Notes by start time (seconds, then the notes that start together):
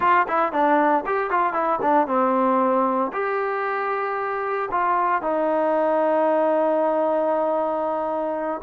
0.00 F4
0.28 E4
0.52 D4
1.06 G4
1.30 F4
1.53 E4
1.81 D4
2.07 C4
3.12 G4
4.71 F4
5.22 D#4